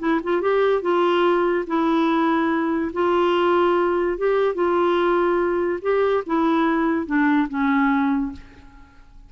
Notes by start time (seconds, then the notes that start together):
0.00 E4
0.24 F4
0.42 G4
0.82 F4
1.67 E4
2.93 F4
4.18 G4
4.55 F4
5.82 G4
6.27 E4
7.06 D4
7.49 C#4